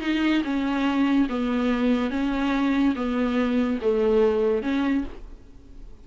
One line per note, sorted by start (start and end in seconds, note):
0.00 0.42 D#4
0.43 1.27 C#4
1.29 2.10 B3
2.10 2.94 C#4
2.95 3.79 B3
3.81 4.62 A3
4.62 5.04 C#4